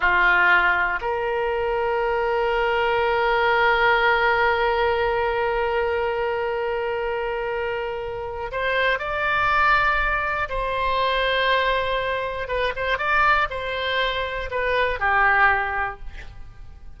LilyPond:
\new Staff \with { instrumentName = "oboe" } { \time 4/4 \tempo 4 = 120 f'2 ais'2~ | ais'1~ | ais'1~ | ais'1~ |
ais'4 c''4 d''2~ | d''4 c''2.~ | c''4 b'8 c''8 d''4 c''4~ | c''4 b'4 g'2 | }